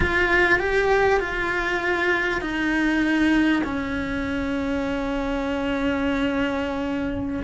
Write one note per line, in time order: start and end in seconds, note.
0.00 0.59 F4
0.59 1.20 G4
1.20 2.41 F4
2.41 3.62 D#4
3.64 7.42 C#4